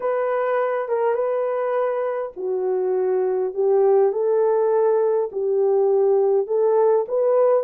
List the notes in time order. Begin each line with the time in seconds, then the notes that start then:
0.00 B4
0.88 A#4
1.14 B4
2.36 F#4
3.53 G4
4.12 A4
5.32 G4
6.47 A4
7.07 B4